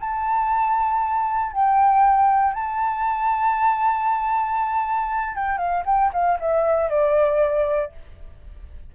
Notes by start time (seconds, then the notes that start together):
0.00 A5
1.52 G5
2.54 A5
5.35 G5
5.58 F5
5.86 G5
6.13 F5
6.40 E5
6.89 D5